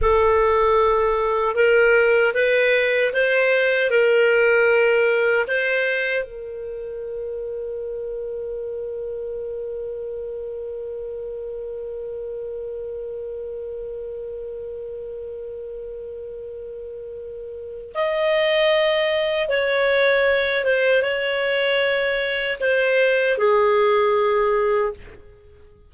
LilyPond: \new Staff \with { instrumentName = "clarinet" } { \time 4/4 \tempo 4 = 77 a'2 ais'4 b'4 | c''4 ais'2 c''4 | ais'1~ | ais'1~ |
ais'1~ | ais'2. dis''4~ | dis''4 cis''4. c''8 cis''4~ | cis''4 c''4 gis'2 | }